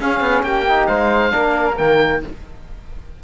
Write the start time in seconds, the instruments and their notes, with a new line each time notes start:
0.00 cello C#4, trombone C#4, flute G#4, oboe F5
0.20 cello B3
0.43 cello A#3, flute G4, oboe G5
0.67 trombone D#4
0.86 cello G#3, flute C5, oboe F5
1.31 cello A#3, trombone D4, flute A#4
1.76 cello D#3, trombone A#3, oboe G5